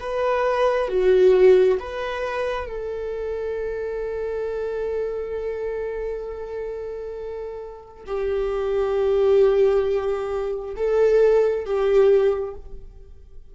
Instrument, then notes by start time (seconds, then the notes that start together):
viola
0.00 B4
0.89 F#4
1.80 B4
2.67 A4
8.06 G4
10.77 A4
11.65 G4